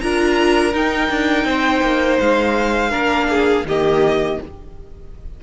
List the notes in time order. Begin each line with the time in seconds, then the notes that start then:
0.00 D4 F4 A#4 A#5
0.72 D#4 G5
1.09 D4
1.44 C4 C5
1.81 A#3
2.20 G#3 F5
2.90 A#3 D4 A#4
3.30 G#4
3.64 D#3 A#3 G4 D#5